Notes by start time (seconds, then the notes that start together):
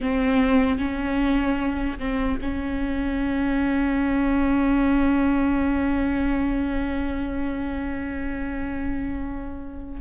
0.00 C4
0.78 C#4
1.99 C4
2.41 C#4